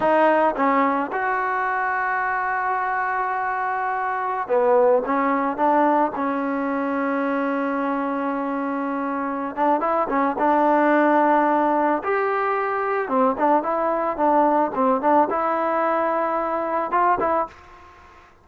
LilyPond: \new Staff \with { instrumentName = "trombone" } { \time 4/4 \tempo 4 = 110 dis'4 cis'4 fis'2~ | fis'1~ | fis'16 b4 cis'4 d'4 cis'8.~ | cis'1~ |
cis'4. d'8 e'8 cis'8 d'4~ | d'2 g'2 | c'8 d'8 e'4 d'4 c'8 d'8 | e'2. f'8 e'8 | }